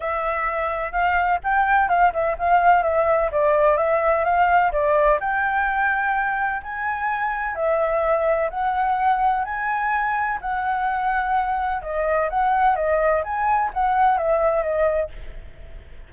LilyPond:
\new Staff \with { instrumentName = "flute" } { \time 4/4 \tempo 4 = 127 e''2 f''4 g''4 | f''8 e''8 f''4 e''4 d''4 | e''4 f''4 d''4 g''4~ | g''2 gis''2 |
e''2 fis''2 | gis''2 fis''2~ | fis''4 dis''4 fis''4 dis''4 | gis''4 fis''4 e''4 dis''4 | }